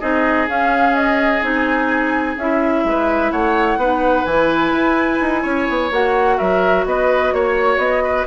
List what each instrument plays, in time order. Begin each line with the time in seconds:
0.00 bassoon C4, clarinet D#4, oboe G#4, flute D#5
0.48 bassoon C#4, clarinet C#4, flute F5
0.96 flute D#5
1.42 bassoon C4, clarinet D#4, flute G#5
2.37 bassoon C#4, clarinet E4, flute E5
2.84 bassoon G#3, oboe B4
3.32 bassoon A3, oboe C#5, flute F#5
3.77 bassoon B3, clarinet D#4, oboe B4
4.25 bassoon E3, clarinet E4, flute G#5
4.72 bassoon E4
5.21 bassoon D#4
5.42 bassoon C#4, oboe C#5
5.69 bassoon B3
5.91 bassoon A#3, clarinet F#4, flute F#5
6.38 bassoon F#3, oboe A#4, flute E5
6.86 bassoon B3, oboe B4, flute D#5
7.33 bassoon A#3, flute C#5, oboe C#5
7.77 bassoon B3, flute D#5
8.03 oboe B4